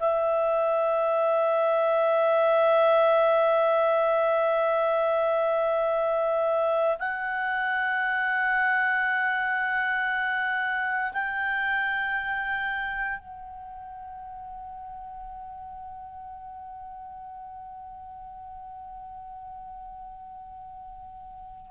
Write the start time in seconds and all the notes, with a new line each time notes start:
0.00 E5
6.99 F#5
11.13 G5
13.19 F#5